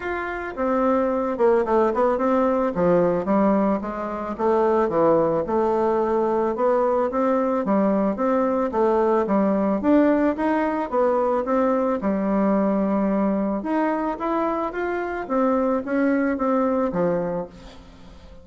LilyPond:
\new Staff \with { instrumentName = "bassoon" } { \time 4/4 \tempo 4 = 110 f'4 c'4. ais8 a8 b8 | c'4 f4 g4 gis4 | a4 e4 a2 | b4 c'4 g4 c'4 |
a4 g4 d'4 dis'4 | b4 c'4 g2~ | g4 dis'4 e'4 f'4 | c'4 cis'4 c'4 f4 | }